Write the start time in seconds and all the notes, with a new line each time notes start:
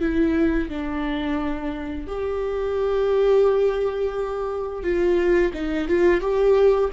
0.00 E4
0.69 D4
2.07 G4
4.83 F4
5.53 D#4
5.88 F4
6.20 G4